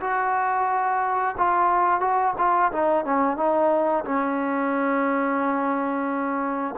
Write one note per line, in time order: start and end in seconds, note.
0.00 1.35 F#4
1.37 2.00 F4
2.00 2.34 F#4
2.37 2.71 F4
2.72 3.04 D#4
3.04 3.36 C#4
3.36 4.04 D#4
4.04 6.74 C#4